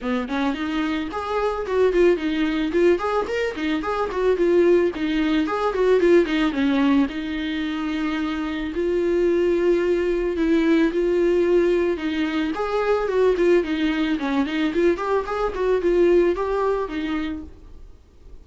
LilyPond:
\new Staff \with { instrumentName = "viola" } { \time 4/4 \tempo 4 = 110 b8 cis'8 dis'4 gis'4 fis'8 f'8 | dis'4 f'8 gis'8 ais'8 dis'8 gis'8 fis'8 | f'4 dis'4 gis'8 fis'8 f'8 dis'8 | cis'4 dis'2. |
f'2. e'4 | f'2 dis'4 gis'4 | fis'8 f'8 dis'4 cis'8 dis'8 f'8 g'8 | gis'8 fis'8 f'4 g'4 dis'4 | }